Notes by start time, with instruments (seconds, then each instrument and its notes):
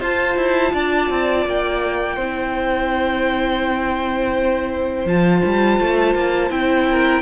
0.00 cello F4, viola F4, violin C5 A5
0.37 cello E4
0.74 cello D4, violin D5
1.10 cello C4
1.46 cello A#3, violin G5
2.16 cello C4, viola E4, violin C5
5.06 cello F3, viola F4, violin A5
5.45 cello G3
5.81 cello A3
6.15 cello A#3
6.51 cello C4, viola E4, violin G5
6.91 violin A#4